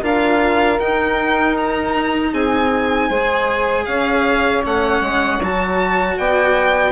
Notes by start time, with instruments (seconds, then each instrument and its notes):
0.00 bassoon D4, cello F4, saxophone A#4, violin F5
0.79 cello D#4, bassoon D#4, violin G5
1.56 violin A#5
2.31 bassoon C4, saxophone G#4, violin G#5
3.08 bassoon G#3, cello G#4, saxophone C5
3.85 bassoon C#4, saxophone C#5, violin F5
4.62 bassoon A3, cello C#4, violin F#5
5.00 bassoon G#3
5.41 bassoon F#3, cello F#4, violin A5
6.17 bassoon B3, saxophone D5, violin G5